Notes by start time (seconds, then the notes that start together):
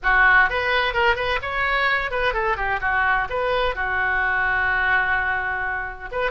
0.02 F#4
0.49 B4
0.93 A#4
1.15 B4
1.41 C#5
2.11 B4
2.33 A4
2.56 G4
2.81 F#4
3.29 B4
3.75 F#4
6.11 B4